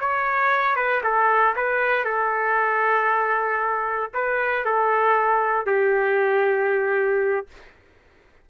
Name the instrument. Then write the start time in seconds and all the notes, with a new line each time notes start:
trumpet
0.00 C#5
0.76 B4
1.04 A4
1.56 B4
2.05 A4
4.14 B4
4.66 A4
5.66 G4